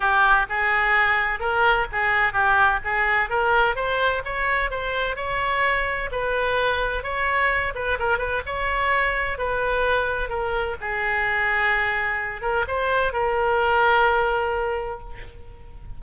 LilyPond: \new Staff \with { instrumentName = "oboe" } { \time 4/4 \tempo 4 = 128 g'4 gis'2 ais'4 | gis'4 g'4 gis'4 ais'4 | c''4 cis''4 c''4 cis''4~ | cis''4 b'2 cis''4~ |
cis''8 b'8 ais'8 b'8 cis''2 | b'2 ais'4 gis'4~ | gis'2~ gis'8 ais'8 c''4 | ais'1 | }